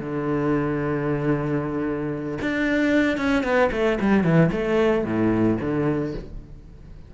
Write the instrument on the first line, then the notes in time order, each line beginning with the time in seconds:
cello
0.00 D3
2.42 D4
3.17 C#4
3.43 B3
3.72 A3
4.01 G3
4.24 E3
4.52 A3
5.05 A2
5.61 D3